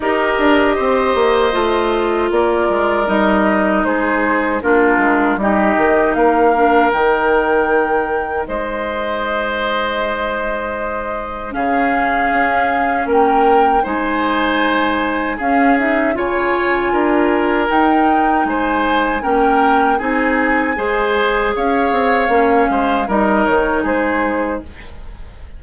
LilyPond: <<
  \new Staff \with { instrumentName = "flute" } { \time 4/4 \tempo 4 = 78 dis''2. d''4 | dis''4 c''4 ais'4 dis''4 | f''4 g''2 dis''4~ | dis''2. f''4~ |
f''4 g''4 gis''2 | f''8 e''8 gis''2 g''4 | gis''4 g''4 gis''2 | f''2 dis''8 cis''8 c''4 | }
  \new Staff \with { instrumentName = "oboe" } { \time 4/4 ais'4 c''2 ais'4~ | ais'4 gis'4 f'4 g'4 | ais'2. c''4~ | c''2. gis'4~ |
gis'4 ais'4 c''2 | gis'4 cis''4 ais'2 | c''4 ais'4 gis'4 c''4 | cis''4. c''8 ais'4 gis'4 | }
  \new Staff \with { instrumentName = "clarinet" } { \time 4/4 g'2 f'2 | dis'2 d'4 dis'4~ | dis'8 d'8 dis'2.~ | dis'2. cis'4~ |
cis'2 dis'2 | cis'8 dis'8 f'2 dis'4~ | dis'4 cis'4 dis'4 gis'4~ | gis'4 cis'4 dis'2 | }
  \new Staff \with { instrumentName = "bassoon" } { \time 4/4 dis'8 d'8 c'8 ais8 a4 ais8 gis8 | g4 gis4 ais8 gis8 g8 dis8 | ais4 dis2 gis4~ | gis2. cis4 |
cis'4 ais4 gis2 | cis'4 cis4 d'4 dis'4 | gis4 ais4 c'4 gis4 | cis'8 c'8 ais8 gis8 g8 dis8 gis4 | }
>>